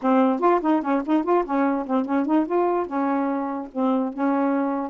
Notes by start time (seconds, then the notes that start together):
0.01 C4
0.39 F4
0.61 D#4
0.81 C#4
1.06 D#4
1.23 F4
1.45 C#4
1.86 C4
2.05 C#4
2.25 D#4
2.46 F4
2.86 C#4
3.72 C4
4.13 C#4